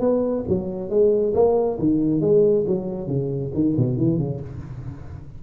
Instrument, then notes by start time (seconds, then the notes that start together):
tuba
0.00 B3
0.48 F#3
0.89 G#3
1.34 A#3
1.79 D#3
2.21 G#3
2.67 F#3
3.07 C#3
3.54 D#3
3.77 B2
3.97 E3
4.18 C#3